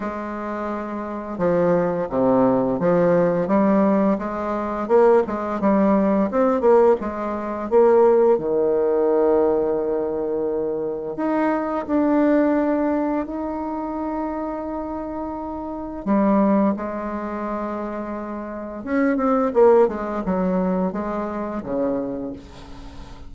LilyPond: \new Staff \with { instrumentName = "bassoon" } { \time 4/4 \tempo 4 = 86 gis2 f4 c4 | f4 g4 gis4 ais8 gis8 | g4 c'8 ais8 gis4 ais4 | dis1 |
dis'4 d'2 dis'4~ | dis'2. g4 | gis2. cis'8 c'8 | ais8 gis8 fis4 gis4 cis4 | }